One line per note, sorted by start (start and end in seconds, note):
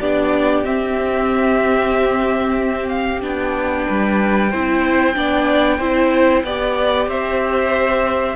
0.00 0.64 B3
0.00 0.65 D4
0.00 3.86 G4
0.00 0.65 D5
0.64 3.22 C4
0.64 2.88 E5
2.88 3.20 F5
3.22 3.87 B3
3.22 4.51 D4
3.22 7.09 G5
3.86 4.54 G3
3.86 4.51 B4
4.51 5.16 C4
4.51 5.15 E4
4.51 5.15 C5
5.15 5.80 B3
5.15 5.79 D4
5.15 5.78 D5
5.78 6.44 C4
5.78 6.45 E4
5.78 6.43 C5
6.44 7.07 B3
6.44 8.36 G4
6.44 7.08 D5
7.07 8.36 C4
7.07 8.36 C5
7.07 8.36 E5